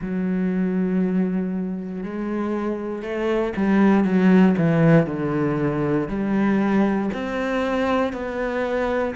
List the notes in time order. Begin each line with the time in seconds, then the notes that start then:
0.01 F#3
2.03 G#3
3.02 A3
3.56 G3
4.04 F#3
4.57 E3
5.06 D3
6.08 G3
7.13 C4
8.12 B3